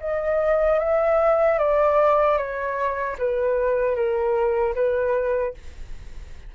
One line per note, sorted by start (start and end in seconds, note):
0.00 0.79 D#5
0.79 1.58 E5
1.58 2.37 D5
2.37 3.16 C#5
3.18 3.95 B4
3.95 4.74 A#4
4.75 5.54 B4